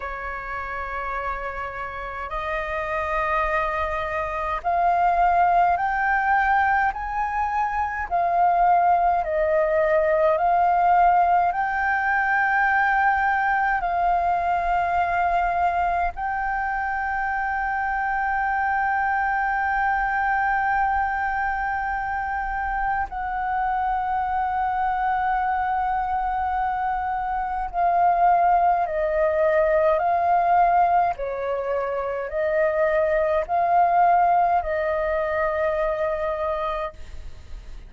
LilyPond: \new Staff \with { instrumentName = "flute" } { \time 4/4 \tempo 4 = 52 cis''2 dis''2 | f''4 g''4 gis''4 f''4 | dis''4 f''4 g''2 | f''2 g''2~ |
g''1 | fis''1 | f''4 dis''4 f''4 cis''4 | dis''4 f''4 dis''2 | }